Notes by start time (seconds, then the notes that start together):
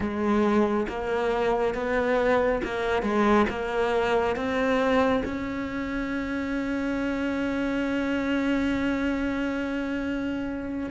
0.00 G#3
0.88 A#3
1.74 B3
2.64 A#3
3.02 G#3
3.49 A#3
4.36 C4
5.25 C#4